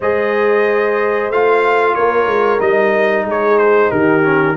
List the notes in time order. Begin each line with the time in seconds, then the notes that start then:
0.00 G#3 G#4 C5 D#5
1.29 A3 F4 F5
1.94 A#3 A#4 C#5
2.26 G#3
2.59 G3 D#4 D#5
3.25 G#3 G#4 C#5
3.58 C5
3.90 D#3 G4 A#4
4.22 C#4